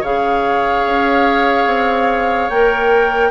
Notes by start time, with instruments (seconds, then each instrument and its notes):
0.00 bassoon C#3, clarinet G#4, oboe C#5, flute F5
0.84 bassoon C#4
1.65 bassoon C4
2.49 bassoon A#3, clarinet A#4, flute G5